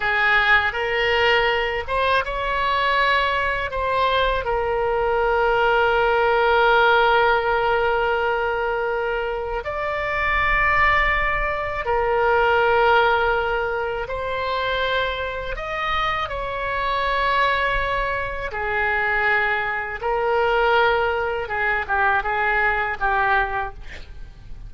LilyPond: \new Staff \with { instrumentName = "oboe" } { \time 4/4 \tempo 4 = 81 gis'4 ais'4. c''8 cis''4~ | cis''4 c''4 ais'2~ | ais'1~ | ais'4 d''2. |
ais'2. c''4~ | c''4 dis''4 cis''2~ | cis''4 gis'2 ais'4~ | ais'4 gis'8 g'8 gis'4 g'4 | }